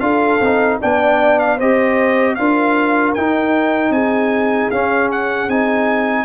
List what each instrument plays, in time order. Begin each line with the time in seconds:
0.00 tuba D4, trombone F4, horn A4, trumpet F5
0.41 tuba C4, trombone D#4
0.81 tuba B3, trombone D4, horn D5, trumpet G5
1.39 trumpet F5
1.57 tuba C4, trombone G4, horn C5, trumpet D#5
2.35 tuba D4, trombone F4, horn A#4, trumpet F5
3.14 trombone D#4, tuba D#4, trumpet G5
3.90 tuba C4, horn G#4, trumpet G#5
4.71 tuba C#4, trombone C#4, trumpet F5
5.12 trumpet F#5
5.48 tuba C4, trombone D#4, trumpet G#5